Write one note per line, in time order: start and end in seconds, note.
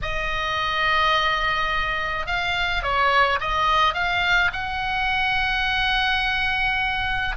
0.02 2.26 D#5
2.26 2.82 F5
2.82 3.39 C#5
3.40 3.94 D#5
3.94 4.50 F5
4.53 7.36 F#5